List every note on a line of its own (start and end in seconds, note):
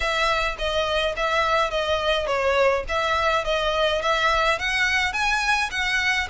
0.00 0.56 E5
0.58 1.15 D#5
1.16 1.70 E5
1.70 2.26 D#5
2.26 2.84 C#5
2.88 3.44 E5
3.44 4.01 D#5
4.01 4.58 E5
4.58 5.12 F#5
5.12 5.69 G#5
5.70 6.28 F#5